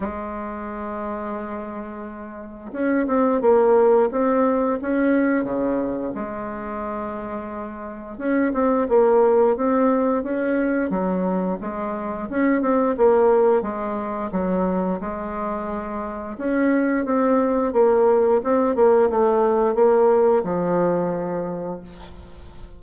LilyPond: \new Staff \with { instrumentName = "bassoon" } { \time 4/4 \tempo 4 = 88 gis1 | cis'8 c'8 ais4 c'4 cis'4 | cis4 gis2. | cis'8 c'8 ais4 c'4 cis'4 |
fis4 gis4 cis'8 c'8 ais4 | gis4 fis4 gis2 | cis'4 c'4 ais4 c'8 ais8 | a4 ais4 f2 | }